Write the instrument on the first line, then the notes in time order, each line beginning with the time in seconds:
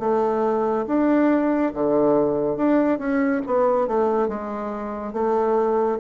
bassoon
0.00 A3
0.87 D4
1.75 D3
2.57 D4
2.99 C#4
3.47 B3
3.88 A3
4.29 G#3
5.14 A3